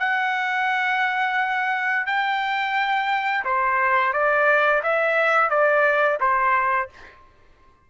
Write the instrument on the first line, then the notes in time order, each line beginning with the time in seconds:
trumpet
0.00 F#5
2.07 G5
3.45 C5
4.13 D5
4.83 E5
5.50 D5
6.21 C5